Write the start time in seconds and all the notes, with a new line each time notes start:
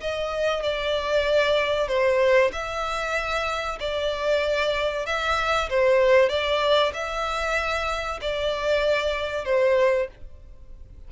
0.00 D#5
0.62 D5
1.88 C5
2.52 E5
3.79 D5
5.06 E5
5.69 C5
6.29 D5
6.93 E5
8.21 D5
9.44 C5